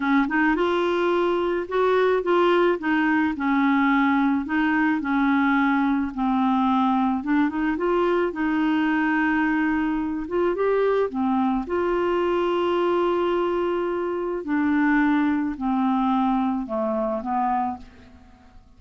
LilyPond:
\new Staff \with { instrumentName = "clarinet" } { \time 4/4 \tempo 4 = 108 cis'8 dis'8 f'2 fis'4 | f'4 dis'4 cis'2 | dis'4 cis'2 c'4~ | c'4 d'8 dis'8 f'4 dis'4~ |
dis'2~ dis'8 f'8 g'4 | c'4 f'2.~ | f'2 d'2 | c'2 a4 b4 | }